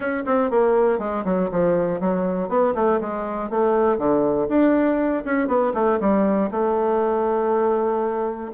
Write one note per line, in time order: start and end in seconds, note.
0.00 0.23 C#4
0.25 0.50 C4
0.50 0.98 A#3
0.98 1.23 G#3
1.25 1.50 F#3
1.51 2.00 F3
2.00 2.49 F#3
2.49 2.74 B3
2.75 3.00 A3
3.00 3.50 G#3
3.50 3.97 A3
3.97 4.47 D3
4.49 5.24 D4
5.25 5.47 C#4
5.47 5.72 B3
5.74 5.99 A3
6.00 6.50 G3
6.51 8.51 A3